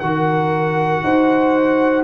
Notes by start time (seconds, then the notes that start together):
0.00 D#3 F#4 A#4 F#5
1.04 D#4 C5